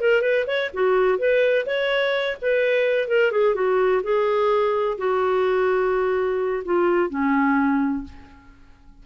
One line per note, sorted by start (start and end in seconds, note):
0.00 0.21 A#4
0.21 0.45 B4
0.46 0.70 C#5
0.73 1.18 F#4
1.18 1.65 B4
1.65 2.36 C#5
2.41 3.08 B4
3.08 3.31 A#4
3.31 3.54 G#4
3.54 4.01 F#4
4.03 4.97 G#4
4.98 6.63 F#4
6.64 7.09 F4
7.09 8.04 C#4